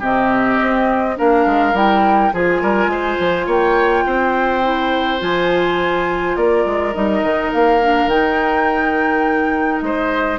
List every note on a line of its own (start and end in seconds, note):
0.00 0.59 C3
0.00 1.17 C4
0.00 1.15 G4
0.00 1.19 D#5
0.62 1.19 C4
1.17 1.46 A#3
1.17 1.74 D4
1.17 2.34 A#4
1.17 1.77 F5
1.46 1.74 G#3
1.74 2.31 G3
1.74 2.32 E4
1.74 2.34 G5
2.34 2.62 F3
2.34 4.63 F4
2.34 2.62 G#4
2.34 3.50 G#5
2.62 2.88 G3
2.62 2.91 A#4
2.88 3.16 G#3
2.88 3.47 C5
3.20 3.47 F3
3.47 4.05 A#3
3.47 4.04 C#5
3.47 5.22 G5
4.07 5.22 C4
4.07 6.37 C5
4.63 5.19 E4
5.19 6.37 F3
5.19 6.93 F4
5.19 6.36 G#5
6.36 6.65 A#3
6.36 9.85 A#4
6.36 6.94 D5
6.66 6.95 G#3
6.94 7.23 G3
6.94 7.81 D#4
6.94 7.52 D#5
7.23 7.51 D#3
7.53 8.06 A#3
7.53 8.10 F5
7.82 8.10 D4
8.06 9.79 D#3
8.06 10.39 D#4
8.06 9.81 G5
9.81 10.39 G#3
9.81 10.39 C5
9.81 10.39 D#5